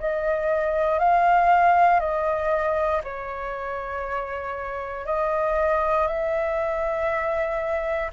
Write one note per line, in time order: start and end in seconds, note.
0.00 0.99 D#5
0.99 2.00 F5
2.00 3.01 D#5
3.04 5.06 C#5
5.06 6.07 D#5
6.07 8.11 E5